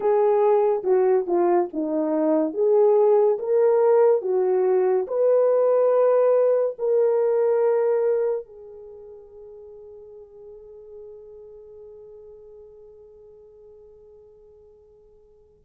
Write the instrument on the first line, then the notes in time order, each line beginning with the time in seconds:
horn
0.00 G#4
0.83 F#4
1.27 F4
1.73 D#4
2.53 G#4
3.38 A#4
4.21 F#4
5.07 B4
6.78 A#4
8.45 G#4